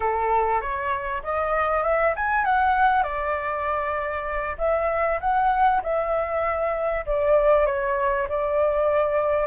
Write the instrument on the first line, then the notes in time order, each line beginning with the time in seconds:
flute
0.00 A4
0.61 C#5
1.23 D#5
1.83 E5
2.16 G#5
2.44 F#5
3.03 D5
4.58 E5
5.20 F#5
5.82 E5
7.05 D5
7.66 C#5
8.28 D5